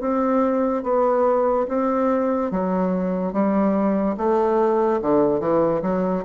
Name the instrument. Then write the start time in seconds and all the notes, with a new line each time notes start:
bassoon
0.00 C4
0.83 B3
1.67 C4
2.51 F#3
3.32 G3
4.17 A3
5.01 D3
5.39 E3
5.81 F#3